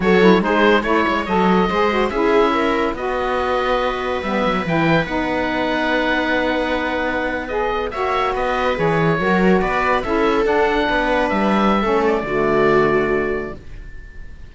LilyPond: <<
  \new Staff \with { instrumentName = "oboe" } { \time 4/4 \tempo 4 = 142 cis''4 c''4 cis''4 dis''4~ | dis''4 e''2 dis''4~ | dis''2 e''4 g''4 | fis''1~ |
fis''4.~ fis''16 dis''4 e''4 dis''16~ | dis''8. cis''2 d''4 e''16~ | e''8. fis''2 e''4~ e''16~ | e''8 d''2.~ d''8 | }
  \new Staff \with { instrumentName = "viola" } { \time 4/4 a'4 gis'4 cis''2 | c''4 gis'4 ais'4 b'4~ | b'1~ | b'1~ |
b'2~ b'8. cis''4 b'16~ | b'4.~ b'16 ais'4 b'4 a'16~ | a'4.~ a'16 b'2~ b'16 | a'4 fis'2. | }
  \new Staff \with { instrumentName = "saxophone" } { \time 4/4 fis'8 e'8 dis'4 e'4 a'4 | gis'8 fis'8 e'2 fis'4~ | fis'2 b4 e'4 | dis'1~ |
dis'4.~ dis'16 gis'4 fis'4~ fis'16~ | fis'8. gis'4 fis'2 e'16~ | e'8. d'2.~ d'16 | cis'4 a2. | }
  \new Staff \with { instrumentName = "cello" } { \time 4/4 fis4 gis4 a8 gis8 fis4 | gis4 cis'2 b4~ | b2 g8 fis8 e4 | b1~ |
b2~ b8. ais4 b16~ | b8. e4 fis4 b4 cis'16~ | cis'8. d'4 b4 g4~ g16 | a4 d2. | }
>>